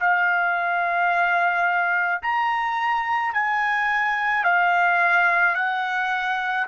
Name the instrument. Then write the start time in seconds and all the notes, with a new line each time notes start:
trumpet
0.00 F5
2.22 A#5
3.33 G#5
4.44 F5
5.55 F#5